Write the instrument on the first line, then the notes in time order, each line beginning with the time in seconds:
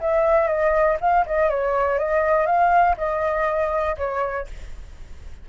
flute
0.00 E5
0.47 D#5
1.00 F5
1.26 D#5
1.49 C#5
1.98 D#5
2.46 F5
2.97 D#5
3.97 C#5